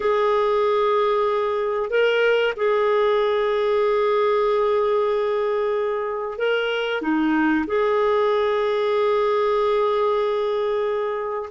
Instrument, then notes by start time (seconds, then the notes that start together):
clarinet
0.00 G#4
1.89 A#4
2.56 G#4
6.38 A#4
7.01 D#4
7.66 G#4